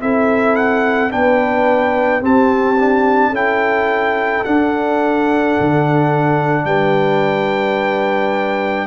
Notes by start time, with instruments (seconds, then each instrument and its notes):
0.00 tuba C4, trombone E4, horn A4, trumpet E5
0.55 trumpet F#5
1.10 tuba B3, trombone D4, horn B4, trumpet G5
2.20 trombone C4, tuba C4, horn G4, trumpet A5
2.79 trombone D4
3.29 tuba C#4, trombone E4, horn A4
3.35 trumpet G5
4.44 trombone D4, tuba D4, trumpet F#5
5.60 tuba D3
6.65 tuba G3, horn B4, trumpet G5